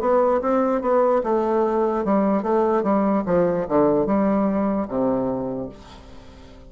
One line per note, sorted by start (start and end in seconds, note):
0.00 0.41 B3
0.41 0.81 C4
0.81 1.22 B3
1.23 2.05 A3
2.05 2.42 G3
2.42 2.83 A3
2.83 3.23 G3
3.26 3.66 F3
3.68 4.06 D3
4.06 4.87 G3
4.88 5.69 C3